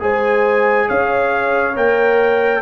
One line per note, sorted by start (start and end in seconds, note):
0.00 0.89 G#3
0.00 1.74 G#4
0.00 0.88 C5
0.00 0.89 G#5
0.88 1.77 C#4
0.88 2.62 C#5
0.88 1.76 F5
1.76 2.62 A#3
1.76 2.62 A#4
1.76 2.62 G5